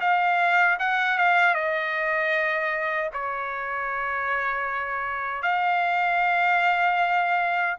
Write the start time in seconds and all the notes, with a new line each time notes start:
0.00 F5
0.79 F#5
1.18 F5
1.54 D#5
3.13 C#5
5.42 F5